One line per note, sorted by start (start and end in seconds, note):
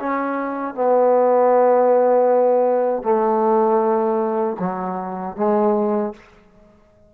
0.00 0.75 C#4
0.75 3.03 B3
3.03 4.57 A3
4.60 5.37 F#3
5.37 6.14 G#3